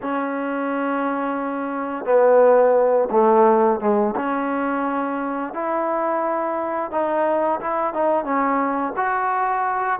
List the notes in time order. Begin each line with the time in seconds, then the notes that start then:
0.02 C#4
2.05 B3
3.10 A3
3.80 G#3
4.15 C#4
5.53 E4
6.91 D#4
7.60 E4
7.93 D#4
8.24 C#4
8.96 F#4